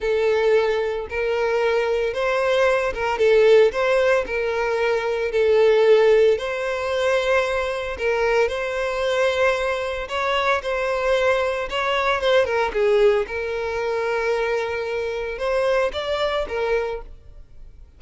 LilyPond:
\new Staff \with { instrumentName = "violin" } { \time 4/4 \tempo 4 = 113 a'2 ais'2 | c''4. ais'8 a'4 c''4 | ais'2 a'2 | c''2. ais'4 |
c''2. cis''4 | c''2 cis''4 c''8 ais'8 | gis'4 ais'2.~ | ais'4 c''4 d''4 ais'4 | }